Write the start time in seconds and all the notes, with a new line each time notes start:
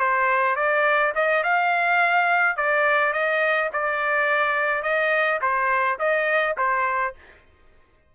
0.00 C5
0.56 D5
1.16 D#5
1.44 F5
2.57 D5
3.13 D#5
3.73 D5
4.83 D#5
5.42 C5
5.99 D#5
6.58 C5